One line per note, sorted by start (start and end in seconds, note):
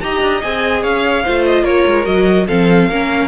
0.00 0.21 D#4
0.00 0.42 G4
0.00 0.82 D#5
0.00 0.41 A#5
0.21 0.41 D4
0.42 0.84 C4
0.42 1.24 G#4
0.42 0.83 G#5
0.82 1.25 C#4
0.82 1.23 C#5
0.82 1.44 F5
1.23 1.63 A3
1.23 2.05 F4
1.23 1.63 C5
1.45 1.64 D#5
1.63 1.84 A#3
1.63 2.45 A#4
1.63 2.05 C#5
1.86 2.07 G#3
2.05 2.48 F#3
2.05 2.46 F#4
2.05 2.47 D#5
2.47 2.89 F3
2.47 2.90 C4
2.47 2.88 A4
2.47 3.28 F5
2.89 3.28 A#3
2.89 3.28 C#4
2.89 3.28 A#4